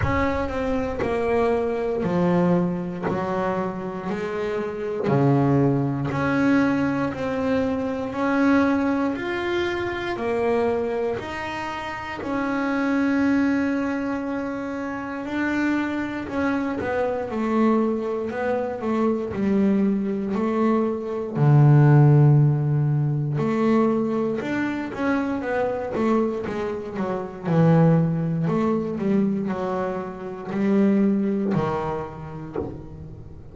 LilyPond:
\new Staff \with { instrumentName = "double bass" } { \time 4/4 \tempo 4 = 59 cis'8 c'8 ais4 f4 fis4 | gis4 cis4 cis'4 c'4 | cis'4 f'4 ais4 dis'4 | cis'2. d'4 |
cis'8 b8 a4 b8 a8 g4 | a4 d2 a4 | d'8 cis'8 b8 a8 gis8 fis8 e4 | a8 g8 fis4 g4 dis4 | }